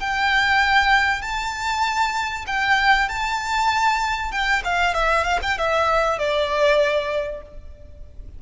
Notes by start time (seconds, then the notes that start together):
0.00 G5
1.22 A5
2.47 G5
3.09 A5
4.32 G5
4.65 F5
4.94 E5
5.24 F5
5.43 G5
5.58 E5
6.19 D5